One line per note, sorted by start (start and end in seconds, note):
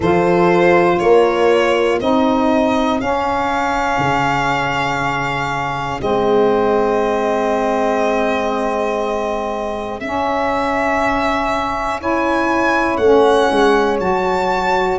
0.00 0.99 F3
0.00 2.00 F4
0.00 0.97 A4
0.00 0.98 C5
0.98 2.00 A#3
0.98 2.00 A#4
0.98 1.98 C#5
2.00 3.00 C4
2.00 3.00 D#4
2.00 12.00 G#4
2.00 3.00 D#5
3.00 5.99 C#4
3.00 3.98 C#4
3.00 6.00 F5
3.98 5.98 C#3
5.99 10.00 G#3
5.99 9.99 C4
5.99 10.00 D#5
10.00 12.98 C#4
10.00 12.00 C#4
10.00 12.00 E5
12.00 13.00 E4
12.00 14.99 C#5
12.00 12.96 G#5
12.96 13.48 A3
12.96 13.99 C#4
12.96 13.96 F#5
13.50 14.00 G#3
13.99 14.99 F#3
13.99 14.99 F#4
13.99 14.99 A5